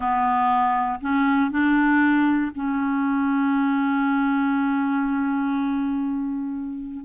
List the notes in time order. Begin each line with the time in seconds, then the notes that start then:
0.00 B3
1.00 C#4
1.50 D4
2.54 C#4